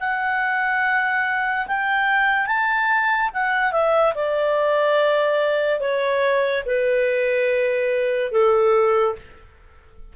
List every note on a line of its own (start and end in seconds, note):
0.00 1.67 F#5
1.67 2.47 G5
2.47 3.30 A5
3.34 3.72 F#5
3.72 4.14 E5
4.15 5.80 D5
5.80 6.64 C#5
6.66 8.32 B4
8.32 9.15 A4